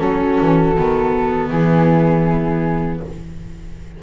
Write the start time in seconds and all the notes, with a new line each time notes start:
0.00 F#3 C#4 F#4 A4
0.41 E3
0.78 D#3 B3
1.51 E3 E4 G#4